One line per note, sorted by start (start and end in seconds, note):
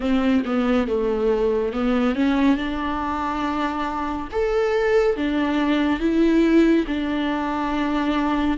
0.00 0.43 C4
0.45 0.87 B3
0.87 1.72 A3
1.72 2.15 B3
2.15 2.56 C#4
2.56 4.28 D4
4.31 5.16 A4
5.16 5.99 D4
5.99 6.85 E4
6.87 8.57 D4